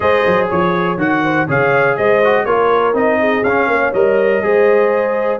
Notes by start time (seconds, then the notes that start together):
0.00 G#3 G#4 C5 D#5
0.26 F#3
0.48 F3 C#5
0.97 D#3 F#4 F#5
1.23 C5
1.47 C#3 G#4 C#5 F5
1.96 G#3 C5 D#5
2.23 F#4
2.45 A#3 F4 A#4 C#5
2.93 C4 D#4 D#5
3.19 G#4
3.43 C#4 F5
3.67 A#3 C#5
3.93 G3 A#4 D#5
4.42 G#3 G#4 C5